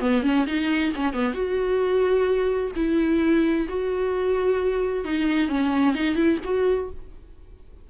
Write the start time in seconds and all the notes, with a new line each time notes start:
0.00 B3
0.23 C#4
0.46 D#4
0.95 C#4
1.13 B3
1.34 F#4
2.76 E4
3.69 F#4
5.05 D#4
5.49 C#4
5.95 D#4
6.15 E4
6.44 F#4